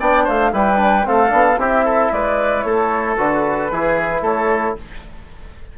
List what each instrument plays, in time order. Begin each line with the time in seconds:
0.00 bassoon B3, trombone D4, oboe D5, flute G5
0.24 bassoon A3, oboe C5, flute F5
0.53 bassoon G3, trombone E4, oboe B4, flute G5
0.76 trombone D4
1.05 bassoon A3, trombone C4, oboe A4, flute F5
1.29 bassoon B3, trombone D4
1.58 bassoon C4, trombone E4, oboe G4, flute E5
1.85 oboe A4
2.12 bassoon G#3, oboe B4, flute D5
2.62 bassoon A3, oboe A4, flute C#5
3.17 bassoon D3, trombone F#4, flute B4
3.71 bassoon E3, trombone E4, oboe G#4
4.22 bassoon A3, oboe A4, flute C#5